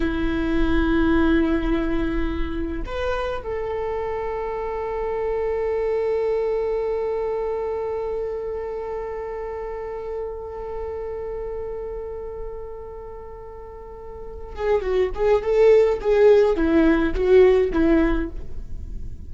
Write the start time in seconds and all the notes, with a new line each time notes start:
0.00 E4
2.85 B4
3.43 A4
14.55 G#4
14.81 F#4
15.14 G#4
15.42 A4
16.00 G#4
16.56 E4
17.14 F#4
17.72 E4